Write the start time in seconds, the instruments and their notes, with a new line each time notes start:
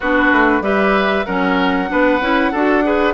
0.00 bassoon B3, clarinet D4, oboe F#4, flute B4
0.31 bassoon A3
0.60 bassoon G3, clarinet G4, oboe B4, flute E5
1.25 bassoon F#3, clarinet C#4, oboe A#4, flute F#5
1.88 bassoon B3, clarinet D4, oboe B4
2.21 bassoon C#4, clarinet E4
2.51 bassoon D4, clarinet F#4, oboe A4
2.83 clarinet G#4, oboe B4